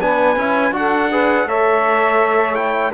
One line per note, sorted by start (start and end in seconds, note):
0.00 0.36 B3
0.00 0.37 D4
0.00 0.74 B4
0.00 0.74 G#5
0.36 0.71 C#4
0.36 0.72 E4
0.71 1.45 D4
0.71 1.09 F#4
0.71 1.11 A4
0.71 1.48 F#5
1.11 1.48 G#4
1.11 1.46 B4
1.45 2.91 A3
1.45 2.55 A4
1.45 2.93 C#5
1.45 2.55 E5
2.55 2.92 E4
2.55 2.92 G5